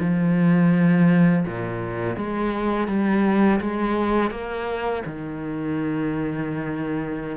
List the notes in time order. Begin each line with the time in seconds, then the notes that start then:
0.00 F3
1.45 A#2
2.16 G#3
2.88 G3
3.60 G#3
4.30 A#3
5.05 D#3